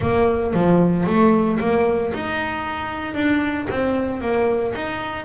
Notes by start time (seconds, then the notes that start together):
0.00 A#3
0.53 F3
1.06 A3
1.59 A#3
2.13 D#4
3.14 D4
3.70 C4
4.21 A#3
4.75 D#4